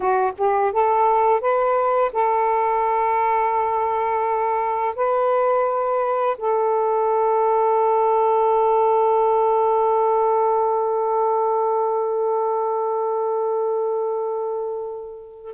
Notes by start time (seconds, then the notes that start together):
0.00 F#4
0.37 G4
0.72 A4
1.40 B4
2.12 A4
4.95 B4
6.37 A4